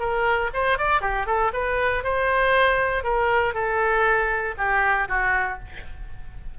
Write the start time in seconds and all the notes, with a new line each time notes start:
0.00 A#4
0.54 C5
0.78 D5
1.02 G4
1.27 A4
1.53 B4
2.04 C5
3.04 A#4
3.54 A4
4.58 G4
5.09 F#4